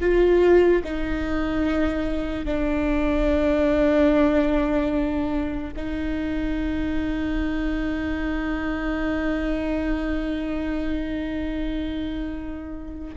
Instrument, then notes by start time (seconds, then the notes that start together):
viola
0.00 F4
0.83 D#4
2.45 D4
5.76 D#4